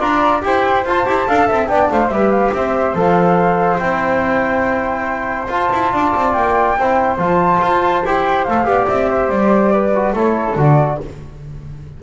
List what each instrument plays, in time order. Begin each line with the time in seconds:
0.00 double bass D4, trombone F4, flute D5 A#5
0.42 double bass E4, trombone G4, flute C5 G5
0.85 double bass F4, trombone F4, flute A5
1.06 double bass E4, trombone G4
1.28 double bass D4, trombone A4, flute F5
1.48 double bass C4, flute E5
1.67 double bass B3, trombone D4, flute D5 G5
1.91 double bass A3, flute C5 F5
2.08 double bass G3, trombone G4, flute B4 E5
2.31 flute F5
2.54 double bass C4, flute C5 E5
2.95 double bass F3, trombone A4, flute F5
3.79 double bass C4, trombone E4, flute G5
5.49 double bass F4, trombone F4, flute A5
5.73 double bass E4
5.93 double bass D4, flute D5
6.16 double bass C4
6.32 double bass A#3, flute G5
6.78 double bass C4, trombone E4, flute C5
7.18 double bass F3, trombone F4, flute A5
7.62 double bass F4
8.05 double bass E4, trombone G4, flute G5
8.44 double bass A3, trombone A4, flute F5
8.65 double bass B3, trombone G4, flute D5
8.88 double bass C4, flute E5
9.10 flute C5
9.29 double bass G3, flute D5
9.73 flute B4
9.95 trombone F#4
10.13 double bass A3, trombone E4, flute A4 C#5
10.56 double bass D3, trombone F#4, flute D5